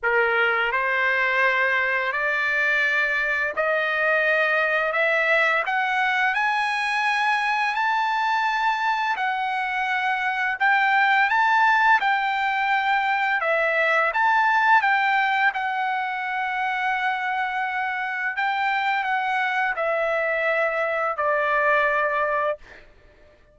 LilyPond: \new Staff \with { instrumentName = "trumpet" } { \time 4/4 \tempo 4 = 85 ais'4 c''2 d''4~ | d''4 dis''2 e''4 | fis''4 gis''2 a''4~ | a''4 fis''2 g''4 |
a''4 g''2 e''4 | a''4 g''4 fis''2~ | fis''2 g''4 fis''4 | e''2 d''2 | }